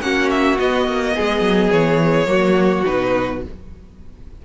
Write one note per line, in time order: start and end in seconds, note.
0.00 0.57 A#3
0.00 0.57 C#4
0.00 1.15 F#4
0.00 0.29 F#5
0.30 0.58 E5
0.58 2.26 B3
0.58 0.87 B3
0.58 1.71 D#5
0.87 1.15 A#3
1.15 1.41 G#3
1.15 2.28 G#4
1.41 1.69 F#3
1.71 2.26 E3
1.71 2.84 C#5
2.26 2.83 F#3
2.26 2.83 A#3
2.26 3.42 F#4
2.85 3.45 B2
2.85 3.42 D#4
2.85 3.42 B4